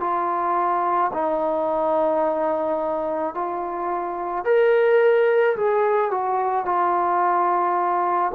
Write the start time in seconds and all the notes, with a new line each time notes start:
0.00 F4
1.14 D#4
3.34 F4
4.45 A#4
5.57 G#4
6.11 F#4
6.66 F4